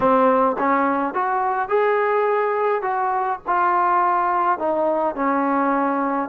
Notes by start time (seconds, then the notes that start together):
0.00 C4
0.58 C#4
1.14 F#4
1.69 G#4
2.82 F#4
3.46 F4
4.58 D#4
5.15 C#4